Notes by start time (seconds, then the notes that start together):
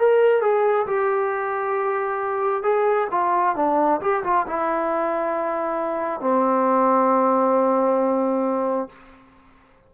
0.00 A#4
0.42 G#4
0.87 G4
2.63 G#4
3.11 F4
3.56 D4
4.01 G4
4.24 F4
4.47 E4
6.21 C4